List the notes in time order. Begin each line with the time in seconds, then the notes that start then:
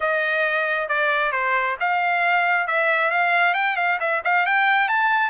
0.00 D#5
0.88 D5
1.32 C5
1.80 F5
2.67 E5
3.11 F5
3.54 G5
3.76 F5
4.00 E5
4.24 F5
4.46 G5
4.88 A5